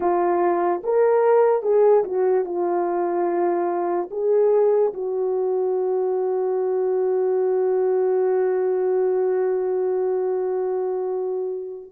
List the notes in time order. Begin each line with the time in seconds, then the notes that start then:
0.00 F4
0.83 A#4
1.62 G#4
2.04 F#4
2.44 F4
4.11 G#4
4.93 F#4